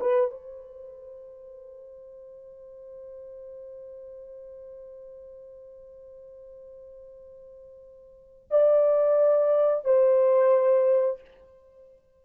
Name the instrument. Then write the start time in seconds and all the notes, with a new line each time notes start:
horn
0.00 B4
0.31 C5
8.50 D5
9.84 C5